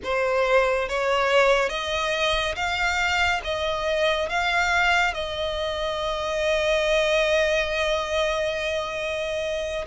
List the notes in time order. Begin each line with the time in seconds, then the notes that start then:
0.03 C5
0.88 C#5
1.69 D#5
2.55 F5
3.44 D#5
4.29 F5
5.14 D#5